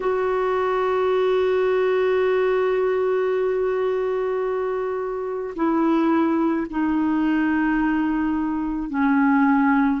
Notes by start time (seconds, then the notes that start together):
0.00 F#4
5.56 E4
6.69 D#4
8.89 C#4